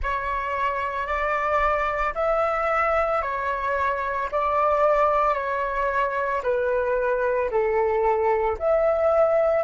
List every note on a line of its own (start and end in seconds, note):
0.02 1.06 C#5
1.06 2.13 D5
2.14 3.21 E5
3.21 4.29 C#5
4.31 5.34 D5
5.34 6.41 C#5
6.43 7.50 B4
7.50 8.57 A4
8.58 9.63 E5